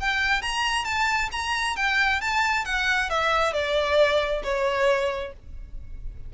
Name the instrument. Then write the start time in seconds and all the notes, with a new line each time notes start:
violin
0.00 G5
0.41 A#5
0.84 A5
1.32 A#5
1.76 G5
2.20 A5
2.65 F#5
3.09 E5
3.53 D5
4.43 C#5